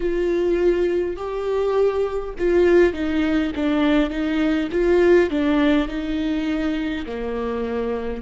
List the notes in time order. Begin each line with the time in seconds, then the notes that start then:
0.00 F4
1.16 G4
2.38 F4
2.93 D#4
3.55 D4
4.10 D#4
4.71 F4
5.29 D4
5.88 D#4
7.06 A#3